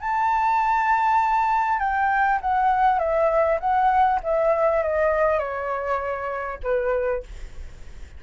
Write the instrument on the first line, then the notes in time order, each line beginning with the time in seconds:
flute
0.00 A5
1.79 G5
2.41 F#5
2.99 E5
3.60 F#5
4.23 E5
4.83 D#5
5.39 C#5
6.63 B4